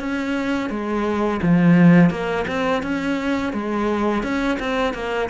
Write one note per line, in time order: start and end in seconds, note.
0.00 0.70 C#4
0.70 1.40 G#3
1.42 2.10 F3
2.10 2.45 A#3
2.47 2.83 C4
2.83 3.53 C#4
3.53 4.23 G#3
4.23 4.59 C#4
4.59 4.94 C4
4.94 5.29 A#3